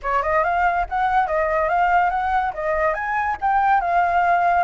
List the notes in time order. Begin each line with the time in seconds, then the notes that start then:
0.02 C#5
0.22 D#5
0.43 F5
0.89 F#5
1.27 D#5
1.68 F5
2.10 F#5
2.53 D#5
2.94 G#5
3.41 G5
3.80 F5